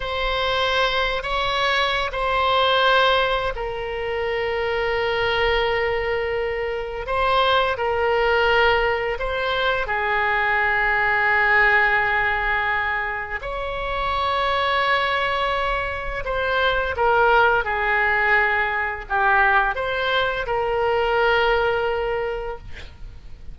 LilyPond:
\new Staff \with { instrumentName = "oboe" } { \time 4/4 \tempo 4 = 85 c''4.~ c''16 cis''4~ cis''16 c''4~ | c''4 ais'2.~ | ais'2 c''4 ais'4~ | ais'4 c''4 gis'2~ |
gis'2. cis''4~ | cis''2. c''4 | ais'4 gis'2 g'4 | c''4 ais'2. | }